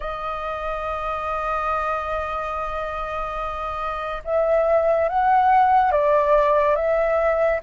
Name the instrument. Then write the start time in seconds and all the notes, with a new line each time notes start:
flute
0.00 D#5
4.24 E5
5.09 F#5
5.91 D5
6.75 E5